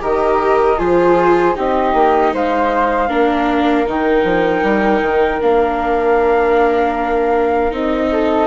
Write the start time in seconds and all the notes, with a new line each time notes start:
0.00 D#3 G4 A#4 D#5
0.78 F3 F4 G#4 C5
1.54 C4 D#4 G4 D#5
1.94 A#3
2.33 G#3 C5 F5
3.08 A#3 D4 A#4
3.86 D#3 D#4 G5
4.24 F3
4.62 G3
5.02 D#3
5.41 A#3 D4 F5
7.71 C4 D#4 D#5
8.12 A4